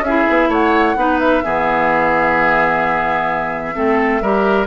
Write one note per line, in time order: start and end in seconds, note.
0.00 0.23 C#4
0.00 0.50 G#4
0.00 0.51 E5
0.08 0.97 E4
0.29 0.49 B3
0.49 0.95 A3
0.49 0.96 C#5
0.49 1.19 F#5
0.96 1.43 B3
0.96 1.43 D#4
0.96 1.45 B4
1.19 4.67 E5
1.44 3.77 E3
1.44 3.75 B3
1.44 3.76 G#4
3.75 4.22 A3
3.75 4.22 C4
3.75 4.22 A4
4.22 4.67 G3
4.22 4.67 G4
4.22 4.67 A#4